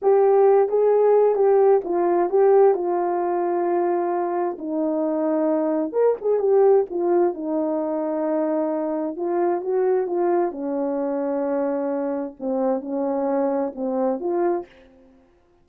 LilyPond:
\new Staff \with { instrumentName = "horn" } { \time 4/4 \tempo 4 = 131 g'4. gis'4. g'4 | f'4 g'4 f'2~ | f'2 dis'2~ | dis'4 ais'8 gis'8 g'4 f'4 |
dis'1 | f'4 fis'4 f'4 cis'4~ | cis'2. c'4 | cis'2 c'4 f'4 | }